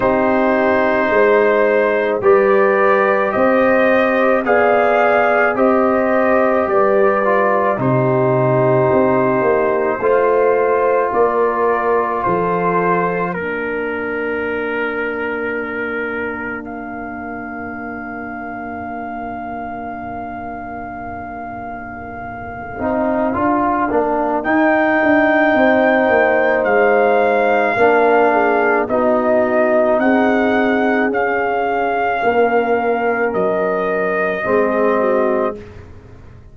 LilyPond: <<
  \new Staff \with { instrumentName = "trumpet" } { \time 4/4 \tempo 4 = 54 c''2 d''4 dis''4 | f''4 dis''4 d''4 c''4~ | c''2 d''4 c''4 | ais'2. f''4~ |
f''1~ | f''2 g''2 | f''2 dis''4 fis''4 | f''2 dis''2 | }
  \new Staff \with { instrumentName = "horn" } { \time 4/4 g'4 c''4 b'4 c''4 | d''4 c''4 b'4 g'4~ | g'4 c''4 ais'4 a'4 | ais'1~ |
ais'1~ | ais'2. c''4~ | c''4 ais'8 gis'8 fis'4 gis'4~ | gis'4 ais'2 gis'8 fis'8 | }
  \new Staff \with { instrumentName = "trombone" } { \time 4/4 dis'2 g'2 | gis'4 g'4. f'8 dis'4~ | dis'4 f'2. | d'1~ |
d'1~ | d'8 dis'8 f'8 d'8 dis'2~ | dis'4 d'4 dis'2 | cis'2. c'4 | }
  \new Staff \with { instrumentName = "tuba" } { \time 4/4 c'4 gis4 g4 c'4 | b4 c'4 g4 c4 | c'8 ais8 a4 ais4 f4 | ais1~ |
ais1~ | ais8 c'8 d'8 ais8 dis'8 d'8 c'8 ais8 | gis4 ais4 b4 c'4 | cis'4 ais4 fis4 gis4 | }
>>